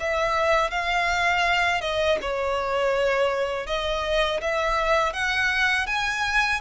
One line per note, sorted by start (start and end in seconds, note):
0.00 0.71 E5
0.71 1.81 F5
1.81 2.18 D#5
2.22 3.67 C#5
3.67 4.41 D#5
4.41 5.13 E5
5.13 5.87 F#5
5.87 6.61 G#5